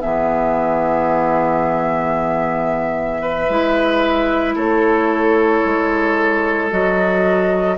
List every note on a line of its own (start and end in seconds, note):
0.00 3.49 E3
0.00 3.49 B3
0.00 3.21 G#4
0.00 4.55 E5
3.21 4.55 B4
3.49 4.55 G#3
3.49 6.70 E4
4.55 5.62 A3
4.55 7.76 A4
4.55 6.70 C#5
5.65 6.71 G#3
6.70 7.77 F#3
6.70 7.77 F#4
6.70 7.77 D#5